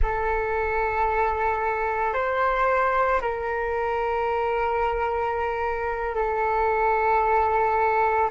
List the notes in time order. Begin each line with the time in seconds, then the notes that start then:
0.02 A4
2.13 C5
3.21 A#4
6.15 A4